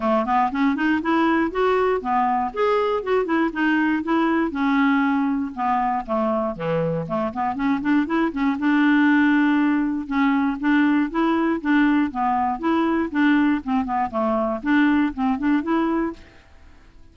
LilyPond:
\new Staff \with { instrumentName = "clarinet" } { \time 4/4 \tempo 4 = 119 a8 b8 cis'8 dis'8 e'4 fis'4 | b4 gis'4 fis'8 e'8 dis'4 | e'4 cis'2 b4 | a4 e4 a8 b8 cis'8 d'8 |
e'8 cis'8 d'2. | cis'4 d'4 e'4 d'4 | b4 e'4 d'4 c'8 b8 | a4 d'4 c'8 d'8 e'4 | }